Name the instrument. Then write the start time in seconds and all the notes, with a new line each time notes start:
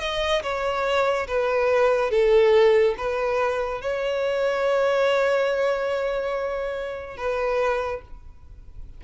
violin
0.00 D#5
0.43 C#5
1.28 B4
2.10 A4
2.97 B4
3.81 C#5
7.17 B4